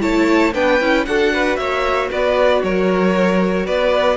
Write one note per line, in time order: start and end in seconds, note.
0.00 0.54 A3
0.00 0.52 E4
0.00 0.54 C#5
0.00 0.53 A5
0.54 0.80 B3
0.54 0.81 D4
0.54 1.06 B4
0.54 1.05 G5
0.80 1.06 C#4
0.80 1.07 E4
1.05 1.57 D4
1.05 4.17 F#4
1.05 1.34 A4
1.05 1.56 F#5
1.34 1.59 B4
1.56 2.10 A#3
1.56 2.10 C#5
1.56 2.08 E5
2.10 2.63 B3
2.10 2.62 B4
2.10 2.63 D5
2.63 3.67 F#3
2.63 3.66 A#4
2.63 3.66 C#5
3.66 4.17 B3
3.66 4.17 B4
3.66 4.17 D5